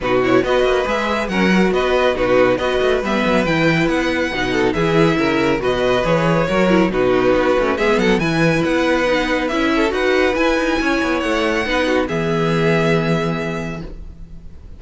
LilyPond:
<<
  \new Staff \with { instrumentName = "violin" } { \time 4/4 \tempo 4 = 139 b'8 cis''8 dis''4 e''4 fis''4 | dis''4 b'4 dis''4 e''4 | g''4 fis''2 e''4~ | e''4 dis''4 cis''2 |
b'2 e''8 fis''8 gis''4 | fis''2 e''4 fis''4 | gis''2 fis''2 | e''1 | }
  \new Staff \with { instrumentName = "violin" } { \time 4/4 fis'4 b'2 ais'4 | b'4 fis'4 b'2~ | b'2~ b'8 a'8 gis'4 | ais'4 b'2 ais'4 |
fis'2 gis'8 a'8 b'4~ | b'2~ b'8 a'8 b'4~ | b'4 cis''2 b'8 fis'8 | gis'1 | }
  \new Staff \with { instrumentName = "viola" } { \time 4/4 dis'8 e'8 fis'4 gis'4 cis'8 fis'8~ | fis'4 dis'4 fis'4 b4 | e'2 dis'4 e'4~ | e'4 fis'4 gis'4 fis'8 e'8 |
dis'4. cis'8 b4 e'4~ | e'4 dis'4 e'4 fis'4 | e'2. dis'4 | b1 | }
  \new Staff \with { instrumentName = "cello" } { \time 4/4 b,4 b8 ais8 gis4 fis4 | b4 b,4 b8 a8 g8 fis8 | e4 b4 b,4 e4 | cis4 b,4 e4 fis4 |
b,4 b8 a8 gis8 fis8 e4 | b2 cis'4 dis'4 | e'8 dis'8 cis'8 b8 a4 b4 | e1 | }
>>